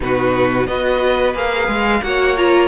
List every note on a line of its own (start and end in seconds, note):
0.00 0.67 B2
0.00 0.67 D#4
0.00 0.67 F#4
0.00 0.67 B4
0.67 1.34 B3
0.67 1.34 F#4
0.67 2.02 B4
0.67 1.34 D#5
1.34 1.68 A#3
1.34 2.02 G#4
1.34 2.03 F5
1.68 2.01 G#3
2.02 2.67 A#3
2.02 2.36 F#4
2.02 2.67 C#5
2.02 2.37 F#5
2.36 2.67 F4
2.36 2.67 A#5